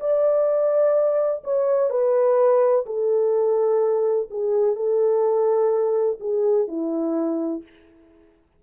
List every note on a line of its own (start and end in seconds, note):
0.00 1.43 D5
1.44 1.90 C#5
1.90 2.85 B4
2.86 4.29 A4
4.30 4.76 G#4
4.76 6.19 A4
6.20 6.68 G#4
6.68 7.63 E4